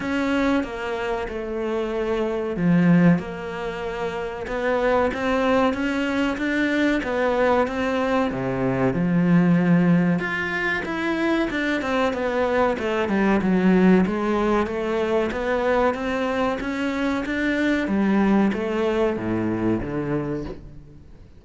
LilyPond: \new Staff \with { instrumentName = "cello" } { \time 4/4 \tempo 4 = 94 cis'4 ais4 a2 | f4 ais2 b4 | c'4 cis'4 d'4 b4 | c'4 c4 f2 |
f'4 e'4 d'8 c'8 b4 | a8 g8 fis4 gis4 a4 | b4 c'4 cis'4 d'4 | g4 a4 a,4 d4 | }